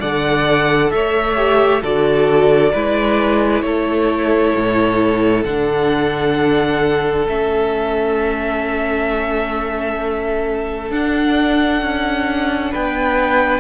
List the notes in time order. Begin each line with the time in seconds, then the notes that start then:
0.00 D3 A4 D5 F#5
0.91 A3 C#5 E5
1.36 G4
1.82 D3 F#4 A4 D5
2.73 G#3 E4 B4
3.62 A3 A4 C#5
4.56 A2
5.45 D3 D4 F#5
7.28 A3 C#4 E5
10.91 D4 F#5
11.82 C#4
12.71 B3 B4 G5